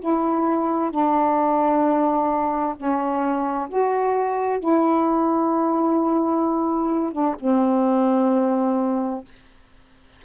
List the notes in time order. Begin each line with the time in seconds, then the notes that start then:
0.00 E4
0.91 D4
2.76 C#4
3.69 F#4
4.59 E4
7.12 D4
7.40 C4